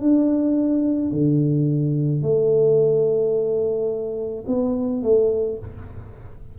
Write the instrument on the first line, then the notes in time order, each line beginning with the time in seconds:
tuba
0.00 D4
1.11 D3
2.22 A3
4.46 B3
5.02 A3